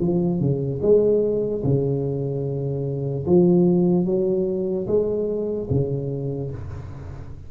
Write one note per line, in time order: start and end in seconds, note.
0.00 0.40 F3
0.40 0.81 C#3
0.82 1.63 G#3
1.64 3.26 C#3
3.26 4.05 F3
4.05 4.86 F#3
4.87 5.68 G#3
5.70 6.51 C#3